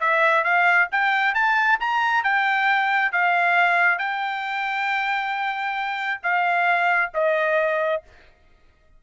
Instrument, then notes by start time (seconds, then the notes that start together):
trumpet
0.00 E5
0.44 F5
0.92 G5
1.34 A5
1.80 A#5
2.23 G5
3.12 F5
3.98 G5
6.23 F5
7.14 D#5